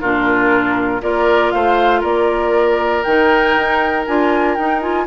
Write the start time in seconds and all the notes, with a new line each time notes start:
0.00 A#2 D4 F4 A#4
1.01 A#3 F4 A#4 D5
1.51 A3 C5 F5
2.00 A#3 A#4 D5
3.03 D#3 D#4 G5
3.56 D#4
4.06 D4 F4 G#5
4.55 D#4 G5
4.81 F4 G#5